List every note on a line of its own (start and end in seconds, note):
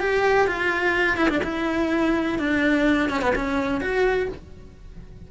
0.00 0.47 G4
0.47 1.17 F4
1.17 1.29 E4
1.29 1.41 D4
1.44 2.39 E4
2.39 3.10 D4
3.10 3.21 C#4
3.22 3.34 B3
3.35 3.81 C#4
3.81 4.28 F#4